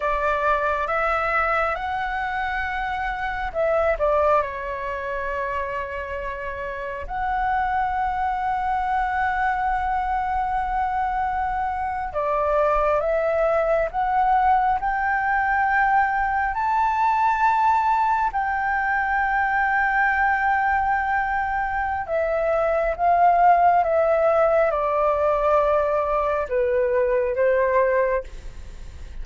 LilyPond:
\new Staff \with { instrumentName = "flute" } { \time 4/4 \tempo 4 = 68 d''4 e''4 fis''2 | e''8 d''8 cis''2. | fis''1~ | fis''4.~ fis''16 d''4 e''4 fis''16~ |
fis''8. g''2 a''4~ a''16~ | a''8. g''2.~ g''16~ | g''4 e''4 f''4 e''4 | d''2 b'4 c''4 | }